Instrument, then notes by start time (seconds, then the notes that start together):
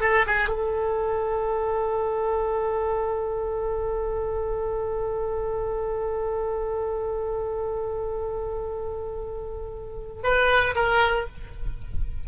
oboe
0.00 A4
0.27 G#4
0.48 A4
10.23 B4
10.75 A#4